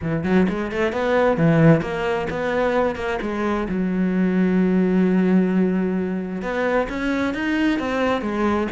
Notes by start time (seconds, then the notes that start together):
0.01 E3
0.23 F#3
0.49 G#3
0.71 A3
0.92 B3
1.37 E3
1.81 A#3
2.30 B3
2.95 A#3
3.21 G#3
3.68 F#3
6.41 B3
6.89 C#4
7.34 D#4
7.79 C4
8.21 G#3